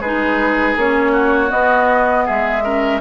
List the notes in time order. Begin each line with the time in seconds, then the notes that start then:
0.00 G#3 D#4 G#4 B4
0.76 A#3 C#4 C#5
1.12 F#4
1.48 B3 D#5
2.25 G#3 G#4 E5
2.63 C#4 A#4